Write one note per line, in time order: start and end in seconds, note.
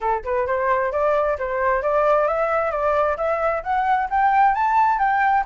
0.00 0.23 A4
0.24 0.46 B4
0.46 0.92 C5
0.92 1.37 D5
1.38 1.82 C5
1.82 2.27 D5
2.27 2.71 E5
2.71 3.16 D5
3.17 3.62 E5
3.63 4.08 F#5
4.10 4.54 G5
4.54 4.99 A5
4.99 5.44 G5